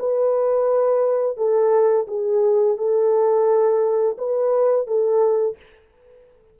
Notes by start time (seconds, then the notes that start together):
0.00 B4
1.37 A4
2.08 G#4
2.78 A4
4.19 B4
4.87 A4